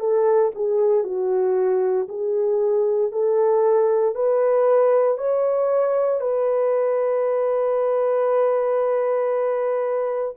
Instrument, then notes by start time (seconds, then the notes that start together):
horn
0.00 A4
0.55 G#4
1.04 F#4
2.09 G#4
3.12 A4
4.16 B4
5.19 C#5
6.21 B4